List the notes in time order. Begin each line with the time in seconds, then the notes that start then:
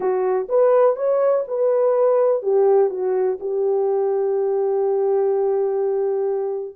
0.00 F#4
0.48 B4
0.95 C#5
1.47 B4
2.42 G4
2.90 F#4
3.39 G4